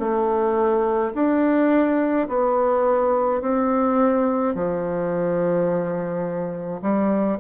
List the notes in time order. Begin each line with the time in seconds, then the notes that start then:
0.00 A3
1.15 D4
2.28 B3
3.42 C4
4.55 F3
6.82 G3